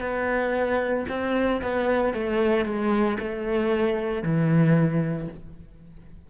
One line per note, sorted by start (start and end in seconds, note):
0.00 1.05 B3
1.09 1.61 C4
1.62 2.13 B3
2.13 2.65 A3
2.65 3.18 G#3
3.19 4.22 A3
4.22 5.28 E3